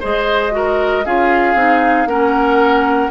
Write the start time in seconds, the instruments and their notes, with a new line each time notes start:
0.00 bassoon G#3, clarinet G#4, oboe C5, flute D#5
0.51 clarinet F#4, oboe A#4
1.05 bassoon C#4, clarinet F4, oboe G#4, flute F5
1.54 bassoon C4, clarinet D#4
2.06 bassoon A#3, clarinet C#4, oboe A#4, flute F#5